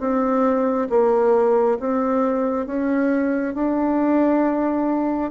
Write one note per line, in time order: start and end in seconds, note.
0.00 0.88 C4
0.90 1.78 A#3
1.80 2.66 C4
2.66 3.55 C#4
3.55 5.31 D4